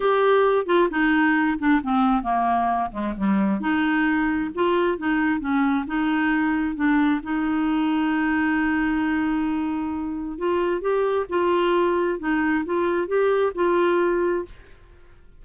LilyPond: \new Staff \with { instrumentName = "clarinet" } { \time 4/4 \tempo 4 = 133 g'4. f'8 dis'4. d'8 | c'4 ais4. gis8 g4 | dis'2 f'4 dis'4 | cis'4 dis'2 d'4 |
dis'1~ | dis'2. f'4 | g'4 f'2 dis'4 | f'4 g'4 f'2 | }